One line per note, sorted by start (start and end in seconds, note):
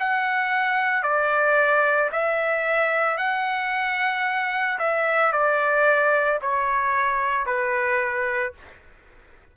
0.00 1.03 F#5
1.03 2.10 D5
2.12 3.18 E5
3.18 4.79 F#5
4.79 5.32 E5
5.33 6.40 D5
6.42 7.46 C#5
7.46 8.53 B4